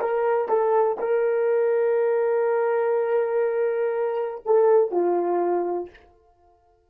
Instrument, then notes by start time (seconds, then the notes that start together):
horn
0.00 A#4
0.49 A4
0.99 A#4
4.46 A4
4.92 F4